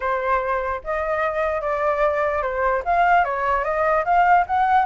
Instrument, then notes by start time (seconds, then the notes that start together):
flute
0.00 C5
0.84 D#5
1.61 D5
2.42 C5
2.85 F5
3.24 C#5
3.64 D#5
4.04 F5
4.46 F#5